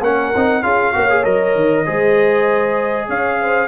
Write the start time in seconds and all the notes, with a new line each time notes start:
0.00 A#3 C#4 A#4 F#5
0.35 C4 D#4
0.62 C#4 F4 G#4 F5
0.93 A#3 F#4 C#5
1.09 G#4
1.23 F#3 A#4 D#5
1.55 D#3
1.84 G#3 G#4 C5
3.07 C#4 C#5 F5
3.41 C5